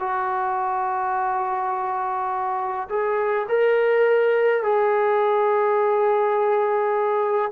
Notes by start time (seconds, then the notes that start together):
0.00 F#4
2.90 G#4
3.49 A#4
4.63 G#4